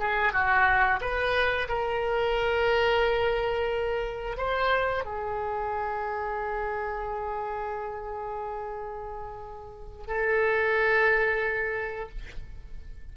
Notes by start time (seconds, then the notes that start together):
0.00 G#4
0.33 F#4
1.01 B4
1.69 A#4
4.38 C5
5.05 G#4
10.08 A4